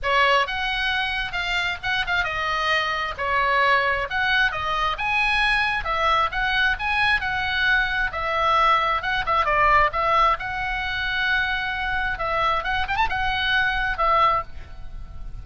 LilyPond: \new Staff \with { instrumentName = "oboe" } { \time 4/4 \tempo 4 = 133 cis''4 fis''2 f''4 | fis''8 f''8 dis''2 cis''4~ | cis''4 fis''4 dis''4 gis''4~ | gis''4 e''4 fis''4 gis''4 |
fis''2 e''2 | fis''8 e''8 d''4 e''4 fis''4~ | fis''2. e''4 | fis''8 g''16 a''16 fis''2 e''4 | }